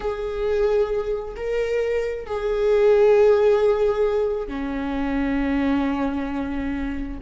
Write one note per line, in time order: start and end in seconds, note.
0.00 1.35 G#4
1.36 2.26 A#4
2.26 4.47 G#4
4.47 7.18 C#4